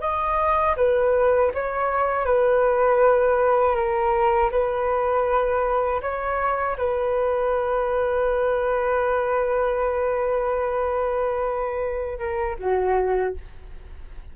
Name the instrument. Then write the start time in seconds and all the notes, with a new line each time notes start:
flute
0.00 D#5
0.76 B4
1.54 C#5
2.25 B4
3.75 A#4
4.51 B4
6.01 C#5
6.77 B4
12.18 A#4
12.59 F#4